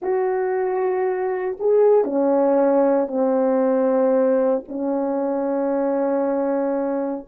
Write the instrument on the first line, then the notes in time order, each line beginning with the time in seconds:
horn
0.02 F#4
1.59 G#4
2.04 C#4
3.07 C4
4.68 C#4